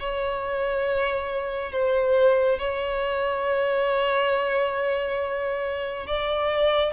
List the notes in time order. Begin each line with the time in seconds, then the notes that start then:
0.00 C#5
1.72 C5
2.59 C#5
6.07 D5